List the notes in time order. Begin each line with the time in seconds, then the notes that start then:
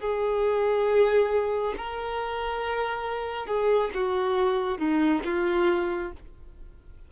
0.00 G#4
1.77 A#4
3.47 G#4
3.94 F#4
4.78 D#4
5.25 F4